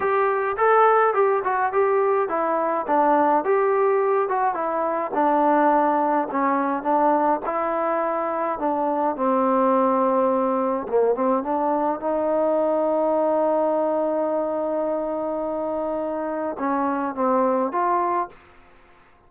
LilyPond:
\new Staff \with { instrumentName = "trombone" } { \time 4/4 \tempo 4 = 105 g'4 a'4 g'8 fis'8 g'4 | e'4 d'4 g'4. fis'8 | e'4 d'2 cis'4 | d'4 e'2 d'4 |
c'2. ais8 c'8 | d'4 dis'2.~ | dis'1~ | dis'4 cis'4 c'4 f'4 | }